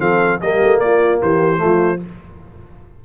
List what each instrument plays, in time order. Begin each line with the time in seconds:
0.00 tuba F3, trombone C4, horn A4, trumpet F5
0.42 tuba G3, trombone A#3, horn G4, trumpet D#5
0.63 tuba A3
0.80 tuba A#3, horn F4, trumpet D5
1.23 tuba E3, horn G4, trumpet C5
1.57 trombone A3, horn F4
1.65 tuba F3